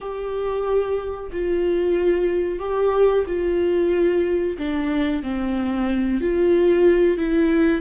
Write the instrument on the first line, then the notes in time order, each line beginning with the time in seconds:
viola
0.01 G4
1.32 F4
2.59 G4
3.26 F4
4.57 D4
5.22 C4
6.20 F4
7.17 E4